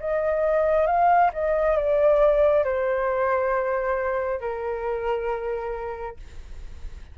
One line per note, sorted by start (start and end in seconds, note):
0.00 0.87 D#5
0.87 1.31 F5
1.34 1.77 D#5
1.77 2.65 D5
2.65 4.41 C5
4.41 6.17 A#4